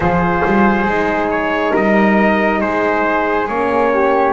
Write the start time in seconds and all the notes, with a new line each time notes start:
0.00 F3 F4 G#4 C5
0.45 G3
0.85 G#3 D#4
1.30 C#5
1.71 G3 A#4 D#5
2.60 G#3 G#4 C5
3.47 A#3 C#4 C#5
3.92 G4